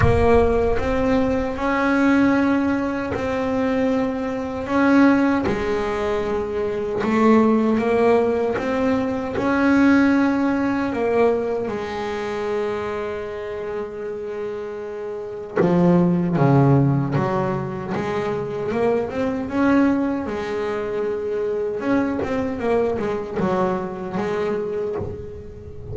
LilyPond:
\new Staff \with { instrumentName = "double bass" } { \time 4/4 \tempo 4 = 77 ais4 c'4 cis'2 | c'2 cis'4 gis4~ | gis4 a4 ais4 c'4 | cis'2 ais4 gis4~ |
gis1 | f4 cis4 fis4 gis4 | ais8 c'8 cis'4 gis2 | cis'8 c'8 ais8 gis8 fis4 gis4 | }